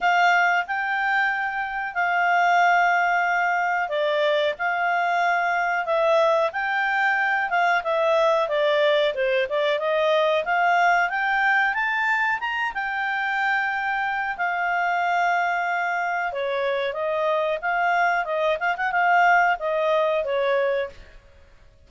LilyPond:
\new Staff \with { instrumentName = "clarinet" } { \time 4/4 \tempo 4 = 92 f''4 g''2 f''4~ | f''2 d''4 f''4~ | f''4 e''4 g''4. f''8 | e''4 d''4 c''8 d''8 dis''4 |
f''4 g''4 a''4 ais''8 g''8~ | g''2 f''2~ | f''4 cis''4 dis''4 f''4 | dis''8 f''16 fis''16 f''4 dis''4 cis''4 | }